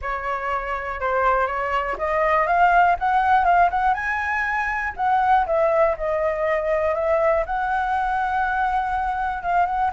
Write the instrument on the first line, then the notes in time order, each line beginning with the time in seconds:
flute
0.01 C#5
1.00 C5
1.47 C#5
1.98 D#5
2.47 F5
2.99 F#5
3.44 F5
3.70 F#5
3.94 G#5
4.96 F#5
5.46 E5
5.97 D#5
6.94 E5
7.45 F#5
9.42 F5
9.66 F#5